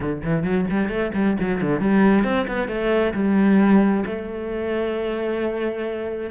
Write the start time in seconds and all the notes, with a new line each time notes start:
0.00 D3
0.24 E3
0.43 F#3
0.70 G3
0.88 A3
1.14 G3
1.40 F#3
1.61 D3
1.79 G3
2.24 C4
2.47 B3
2.68 A3
3.13 G3
4.05 A3